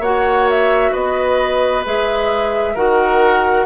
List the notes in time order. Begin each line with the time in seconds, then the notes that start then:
0.00 A#3 F#4 C#5 F#5
0.50 E5
0.92 B3 B4 D#5
1.85 G#3 G#4 E5
2.75 D#3 F#4 A#4 F#5